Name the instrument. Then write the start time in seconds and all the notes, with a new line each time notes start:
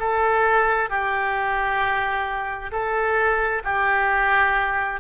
oboe
0.00 A4
0.90 G4
2.72 A4
3.64 G4